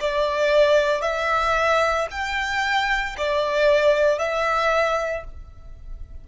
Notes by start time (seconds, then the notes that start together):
0.00 D5
1.01 E5
2.11 G5
3.17 D5
4.19 E5